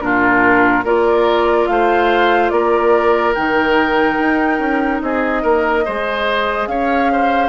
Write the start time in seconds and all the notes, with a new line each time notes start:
0.00 A#2 D4 F4 A#4
0.84 A#3 F4 A#4 D5
1.67 A3 C5 F5
2.49 A#3 A#4 D5
3.34 D#3 D#4 G5
4.18 D#4
4.59 C#4
5.01 C4 G#4 D#5
5.42 A#3 A#4
5.83 G#3 G#4 C5
6.67 C#4 C#5 F5
7.12 C5